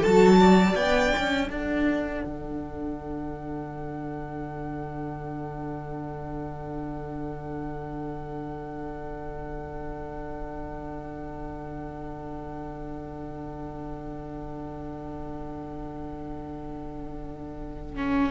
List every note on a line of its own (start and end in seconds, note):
0.00 0.75 F#3
0.00 0.79 F#4
0.00 0.37 A4
0.00 0.75 A5
0.39 1.47 D5
0.75 1.12 B3
0.75 17.96 D4
0.75 1.48 G5
1.16 1.50 C#4
1.47 2.23 D4
1.47 18.30 A4
1.47 18.31 F#5
2.25 18.31 D3
17.96 18.31 C#4